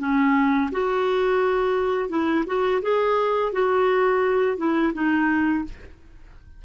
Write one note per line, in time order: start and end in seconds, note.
0.00 0.71 C#4
0.72 2.10 F#4
2.10 2.45 E4
2.47 2.82 F#4
2.83 3.53 G#4
3.53 4.58 F#4
4.58 4.93 E4
4.94 5.65 D#4